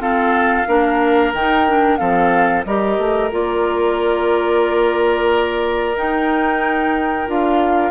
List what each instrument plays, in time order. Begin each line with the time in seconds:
0.00 clarinet C4, bassoon F4, oboe A4, flute F5
0.68 bassoon A#3, clarinet D4, oboe A#4
1.34 bassoon D#3, clarinet D#4, flute G5
1.68 clarinet D4
1.98 bassoon F3, clarinet C4, oboe A4, flute F5
2.66 bassoon G3, clarinet G4, oboe A#4, flute D#5
2.98 bassoon A3
3.32 bassoon A#3, clarinet F4, flute D5
5.96 bassoon D#4, clarinet D#4, flute G5
7.28 bassoon D4, clarinet F4, flute F5